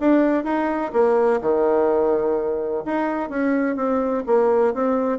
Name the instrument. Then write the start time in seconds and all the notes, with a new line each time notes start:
bassoon
0.00 D4
0.44 D#4
0.93 A#3
1.41 D#3
2.85 D#4
3.30 C#4
3.76 C4
4.27 A#3
4.74 C4